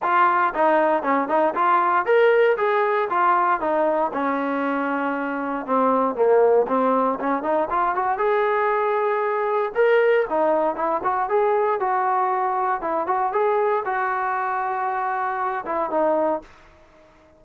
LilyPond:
\new Staff \with { instrumentName = "trombone" } { \time 4/4 \tempo 4 = 117 f'4 dis'4 cis'8 dis'8 f'4 | ais'4 gis'4 f'4 dis'4 | cis'2. c'4 | ais4 c'4 cis'8 dis'8 f'8 fis'8 |
gis'2. ais'4 | dis'4 e'8 fis'8 gis'4 fis'4~ | fis'4 e'8 fis'8 gis'4 fis'4~ | fis'2~ fis'8 e'8 dis'4 | }